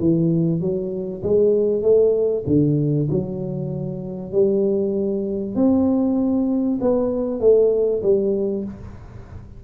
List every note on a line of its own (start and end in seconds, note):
0.00 0.61 E3
0.61 1.23 F#3
1.23 1.82 G#3
1.82 2.44 A3
2.47 3.09 D3
3.11 4.32 F#3
4.32 5.56 G3
5.56 6.80 C4
6.81 7.41 B3
7.41 8.02 A3
8.03 8.65 G3